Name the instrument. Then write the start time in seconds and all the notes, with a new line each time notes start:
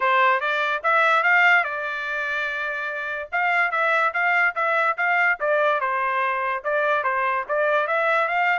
trumpet
0.00 C5
0.40 D5
0.83 E5
1.23 F5
1.63 D5
3.32 F5
3.71 E5
4.13 F5
4.55 E5
4.97 F5
5.40 D5
5.80 C5
6.63 D5
7.03 C5
7.48 D5
7.87 E5
8.28 F5